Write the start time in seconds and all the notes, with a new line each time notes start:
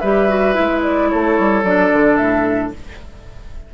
0.00 G3 G4 B4 E5
0.29 F#4
0.55 G#3 E4
0.83 D5
1.10 A3 A4 C#5
1.39 G3
1.64 F#3 D4 D5
1.93 D3
2.17 A2 E5